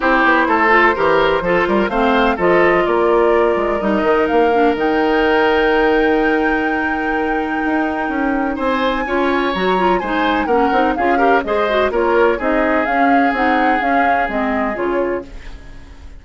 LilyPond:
<<
  \new Staff \with { instrumentName = "flute" } { \time 4/4 \tempo 4 = 126 c''1 | f''4 dis''4 d''2 | dis''4 f''4 g''2~ | g''1~ |
g''2 gis''2 | ais''4 gis''4 fis''4 f''4 | dis''4 cis''4 dis''4 f''4 | fis''4 f''4 dis''4 cis''4 | }
  \new Staff \with { instrumentName = "oboe" } { \time 4/4 g'4 a'4 ais'4 a'8 ais'8 | c''4 a'4 ais'2~ | ais'1~ | ais'1~ |
ais'2 c''4 cis''4~ | cis''4 c''4 ais'4 gis'8 ais'8 | c''4 ais'4 gis'2~ | gis'1 | }
  \new Staff \with { instrumentName = "clarinet" } { \time 4/4 e'4. f'8 g'4 f'4 | c'4 f'2. | dis'4. d'8 dis'2~ | dis'1~ |
dis'2. f'4 | fis'8 f'8 dis'4 cis'8 dis'8 f'8 g'8 | gis'8 fis'8 f'4 dis'4 cis'4 | dis'4 cis'4 c'4 f'4 | }
  \new Staff \with { instrumentName = "bassoon" } { \time 4/4 c'8 b8 a4 e4 f8 g8 | a4 f4 ais4. gis8 | g8 dis8 ais4 dis2~ | dis1 |
dis'4 cis'4 c'4 cis'4 | fis4 gis4 ais8 c'8 cis'4 | gis4 ais4 c'4 cis'4 | c'4 cis'4 gis4 cis4 | }
>>